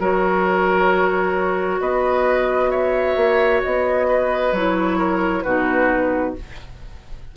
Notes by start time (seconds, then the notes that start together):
0.00 F#3 F#4 A#4 C#5
1.81 B3 B4 D#5
2.71 C#5 E5
3.17 A#3
3.63 B3 D#5
4.09 B4
4.52 F#3 E4 C#5
4.98 A#4
5.43 B2 D#4 F#4 B4